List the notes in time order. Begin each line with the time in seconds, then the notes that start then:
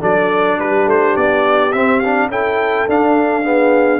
0.00 F#3 D4 A4 D5
0.59 G3 G4 B4
0.86 A3 C5
1.16 B3 D5
1.72 C4 E5
2.00 D4 F5
2.28 C#4 E4 A4 G5
2.89 D4 F5
3.44 B3 G#4